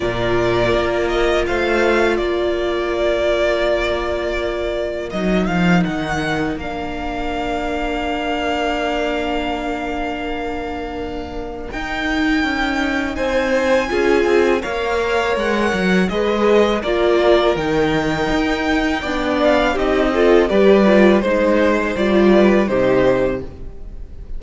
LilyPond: <<
  \new Staff \with { instrumentName = "violin" } { \time 4/4 \tempo 4 = 82 d''4. dis''8 f''4 d''4~ | d''2. dis''8 f''8 | fis''4 f''2.~ | f''1 |
g''2 gis''2 | f''4 fis''4 dis''4 d''4 | g''2~ g''8 f''8 dis''4 | d''4 c''4 d''4 c''4 | }
  \new Staff \with { instrumentName = "violin" } { \time 4/4 ais'2 c''4 ais'4~ | ais'1~ | ais'1~ | ais'1~ |
ais'2 c''4 gis'4 | cis''2 b'4 ais'4~ | ais'2 d''4 g'8 a'8 | b'4 c''4. b'8 g'4 | }
  \new Staff \with { instrumentName = "viola" } { \time 4/4 f'1~ | f'2. dis'4~ | dis'4 d'2.~ | d'1 |
dis'2. f'4 | ais'2 gis'4 f'4 | dis'2 d'4 dis'8 f'8 | g'8 f'8 dis'4 f'4 dis'4 | }
  \new Staff \with { instrumentName = "cello" } { \time 4/4 ais,4 ais4 a4 ais4~ | ais2. fis8 f8 | dis4 ais2.~ | ais1 |
dis'4 cis'4 c'4 cis'8 c'8 | ais4 gis8 fis8 gis4 ais4 | dis4 dis'4 b4 c'4 | g4 gis4 g4 c4 | }
>>